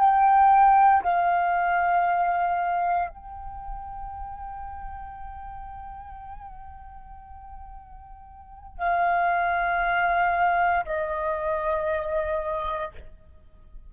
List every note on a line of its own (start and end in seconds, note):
0.00 1.03 G5
1.04 3.09 F5
3.09 8.78 G5
8.78 10.85 F5
10.86 12.93 D#5